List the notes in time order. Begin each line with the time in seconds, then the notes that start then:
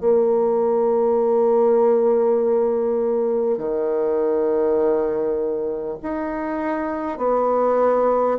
0.00 A#3
3.58 D#3
6.03 D#4
7.18 B3